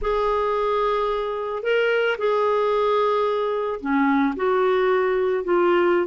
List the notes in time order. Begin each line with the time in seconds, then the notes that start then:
0.01 G#4
1.62 A#4
2.17 G#4
3.80 C#4
4.35 F#4
5.43 F4